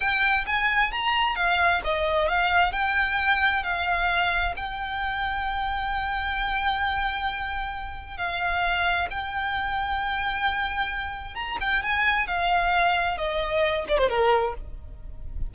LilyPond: \new Staff \with { instrumentName = "violin" } { \time 4/4 \tempo 4 = 132 g''4 gis''4 ais''4 f''4 | dis''4 f''4 g''2 | f''2 g''2~ | g''1~ |
g''2 f''2 | g''1~ | g''4 ais''8 g''8 gis''4 f''4~ | f''4 dis''4. d''16 c''16 ais'4 | }